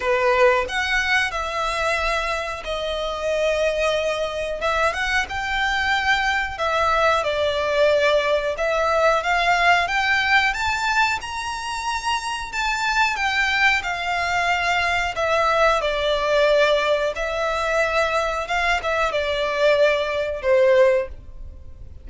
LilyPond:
\new Staff \with { instrumentName = "violin" } { \time 4/4 \tempo 4 = 91 b'4 fis''4 e''2 | dis''2. e''8 fis''8 | g''2 e''4 d''4~ | d''4 e''4 f''4 g''4 |
a''4 ais''2 a''4 | g''4 f''2 e''4 | d''2 e''2 | f''8 e''8 d''2 c''4 | }